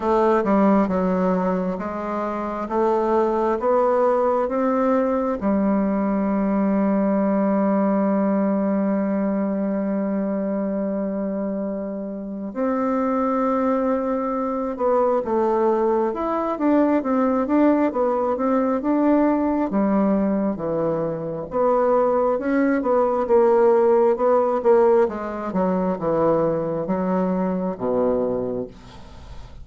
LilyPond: \new Staff \with { instrumentName = "bassoon" } { \time 4/4 \tempo 4 = 67 a8 g8 fis4 gis4 a4 | b4 c'4 g2~ | g1~ | g2 c'2~ |
c'8 b8 a4 e'8 d'8 c'8 d'8 | b8 c'8 d'4 g4 e4 | b4 cis'8 b8 ais4 b8 ais8 | gis8 fis8 e4 fis4 b,4 | }